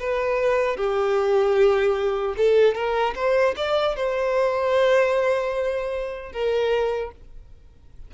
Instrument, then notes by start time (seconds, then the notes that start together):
violin
0.00 B4
0.78 G4
2.38 A4
2.75 A#4
3.16 C5
3.57 D5
3.97 C5
6.33 A#4